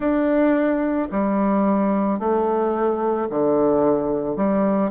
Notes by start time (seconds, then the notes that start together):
0.00 D4
1.11 G3
2.19 A3
3.30 D3
4.36 G3